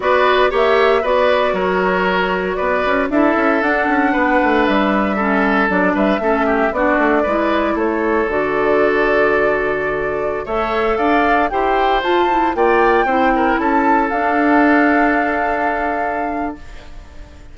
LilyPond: <<
  \new Staff \with { instrumentName = "flute" } { \time 4/4 \tempo 4 = 116 d''4 e''4 d''4 cis''4~ | cis''4 d''4 e''4 fis''4~ | fis''4 e''2 d''8 e''8~ | e''4 d''2 cis''4 |
d''1~ | d''16 e''4 f''4 g''4 a''8.~ | a''16 g''2 a''4 f''8.~ | f''1 | }
  \new Staff \with { instrumentName = "oboe" } { \time 4/4 b'4 cis''4 b'4 ais'4~ | ais'4 b'4 a'2 | b'2 a'4. b'8 | a'8 g'8 fis'4 b'4 a'4~ |
a'1~ | a'16 cis''4 d''4 c''4.~ c''16~ | c''16 d''4 c''8 ais'8 a'4.~ a'16~ | a'1 | }
  \new Staff \with { instrumentName = "clarinet" } { \time 4/4 fis'4 g'4 fis'2~ | fis'2 e'4 d'4~ | d'2 cis'4 d'4 | cis'4 d'4 e'2 |
fis'1~ | fis'16 a'2 g'4 f'8 e'16~ | e'16 f'4 e'2 d'8.~ | d'1 | }
  \new Staff \with { instrumentName = "bassoon" } { \time 4/4 b4 ais4 b4 fis4~ | fis4 b8 cis'8 d'8 cis'8 d'8 cis'8 | b8 a8 g2 fis8 g8 | a4 b8 a8 gis4 a4 |
d1~ | d16 a4 d'4 e'4 f'8.~ | f'16 ais4 c'4 cis'4 d'8.~ | d'1 | }
>>